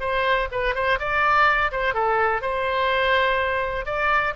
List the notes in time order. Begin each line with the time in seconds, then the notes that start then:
0.00 C5
0.51 B4
0.75 C5
0.99 D5
1.72 C5
1.94 A4
2.42 C5
3.85 D5